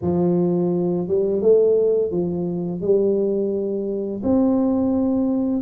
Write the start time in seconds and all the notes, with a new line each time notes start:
0.01 F3
1.07 G3
1.41 A3
2.11 F3
2.80 G3
4.23 C4